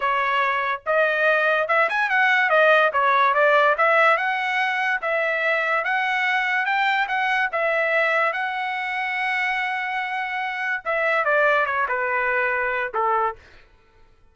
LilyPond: \new Staff \with { instrumentName = "trumpet" } { \time 4/4 \tempo 4 = 144 cis''2 dis''2 | e''8 gis''8 fis''4 dis''4 cis''4 | d''4 e''4 fis''2 | e''2 fis''2 |
g''4 fis''4 e''2 | fis''1~ | fis''2 e''4 d''4 | cis''8 b'2~ b'8 a'4 | }